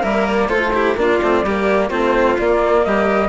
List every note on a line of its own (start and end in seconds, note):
0.00 0.49 G3
0.00 0.49 A#3
0.00 0.47 A#4
0.00 0.26 E5
0.26 0.49 D5
0.48 0.96 A3
0.48 0.72 F4
0.48 0.72 A4
0.48 0.96 C5
0.73 0.96 E4
0.73 0.97 G4
0.96 1.19 A#3
0.96 1.21 D4
0.96 1.45 F4
0.96 1.90 D5
1.22 1.42 A3
1.22 1.46 C4
1.42 1.89 G3
1.42 1.90 A#3
1.42 1.89 G4
1.89 2.38 A3
1.89 2.37 C4
1.89 2.83 F4
1.89 2.37 C5
2.38 3.29 A#3
2.38 2.85 A#3
2.38 2.84 D5
2.84 3.29 G3
2.84 3.29 G4
2.84 3.29 D#5